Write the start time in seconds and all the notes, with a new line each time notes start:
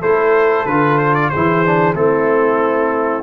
0.00 A3 E4 A4 C5
0.66 D3 F4 B4
0.98 C5
1.15 D5
1.29 G#4 C5
1.35 E3 E4
1.66 D4
1.94 A3 C4 E4 A4